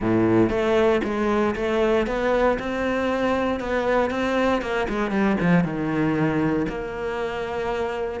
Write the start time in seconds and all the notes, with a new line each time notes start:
0.00 A2
0.49 A3
1.03 G#3
1.55 A3
2.06 B3
2.59 C4
3.60 B3
4.10 C4
4.61 A#3
4.89 G#3
5.10 G3
5.40 F3
5.64 D#3
6.69 A#3